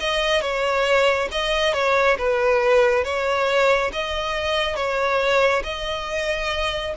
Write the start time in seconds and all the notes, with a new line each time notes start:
0.00 D#5
0.42 C#5
1.32 D#5
1.74 C#5
2.18 B4
3.04 C#5
3.93 D#5
4.76 C#5
5.64 D#5